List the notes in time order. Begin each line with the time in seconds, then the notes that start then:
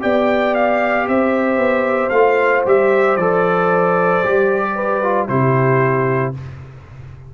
0.00 B3 G4 D5 G5
0.54 F5
1.08 C4 C5 E5
1.57 B3
2.09 A3 F4 F5
2.65 G3 G4 E5
3.16 F3 A4 D5
4.24 G3 G4
4.75 B4
5.03 F4
5.28 C3 E4 G4 C5